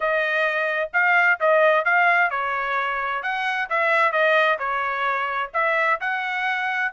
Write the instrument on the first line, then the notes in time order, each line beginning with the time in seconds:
trumpet
0.00 D#5
0.93 F5
1.40 D#5
1.84 F5
2.30 C#5
3.22 F#5
3.69 E5
4.12 D#5
4.58 C#5
5.53 E5
6.00 F#5